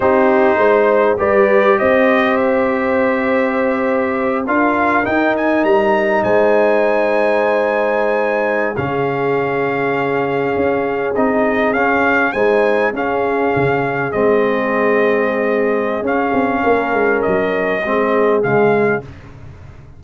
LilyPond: <<
  \new Staff \with { instrumentName = "trumpet" } { \time 4/4 \tempo 4 = 101 c''2 d''4 dis''4 | e''2.~ e''8 f''8~ | f''8 g''8 gis''8 ais''4 gis''4.~ | gis''2~ gis''8. f''4~ f''16~ |
f''2~ f''8. dis''4 f''16~ | f''8. gis''4 f''2 dis''16~ | dis''2. f''4~ | f''4 dis''2 f''4 | }
  \new Staff \with { instrumentName = "horn" } { \time 4/4 g'4 c''4 b'4 c''4~ | c''2.~ c''8 ais'8~ | ais'2~ ais'8 c''4.~ | c''2~ c''8. gis'4~ gis'16~ |
gis'1~ | gis'8. c''4 gis'2~ gis'16~ | gis'1 | ais'2 gis'2 | }
  \new Staff \with { instrumentName = "trombone" } { \time 4/4 dis'2 g'2~ | g'2.~ g'8 f'8~ | f'8 dis'2.~ dis'8~ | dis'2~ dis'8. cis'4~ cis'16~ |
cis'2~ cis'8. dis'4 cis'16~ | cis'8. dis'4 cis'2 c'16~ | c'2. cis'4~ | cis'2 c'4 gis4 | }
  \new Staff \with { instrumentName = "tuba" } { \time 4/4 c'4 gis4 g4 c'4~ | c'2.~ c'8 d'8~ | d'8 dis'4 g4 gis4.~ | gis2~ gis8. cis4~ cis16~ |
cis4.~ cis16 cis'4 c'4 cis'16~ | cis'8. gis4 cis'4 cis4 gis16~ | gis2. cis'8 c'8 | ais8 gis8 fis4 gis4 cis4 | }
>>